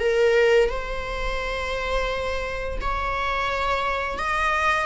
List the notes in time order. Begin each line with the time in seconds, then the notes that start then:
0.00 A#4
0.69 C5
2.81 C#5
4.19 D#5